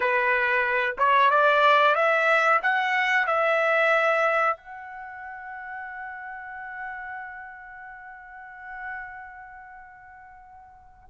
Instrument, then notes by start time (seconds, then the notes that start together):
trumpet
0.00 B4
0.98 C#5
1.30 D5
1.95 E5
2.62 F#5
3.26 E5
4.56 F#5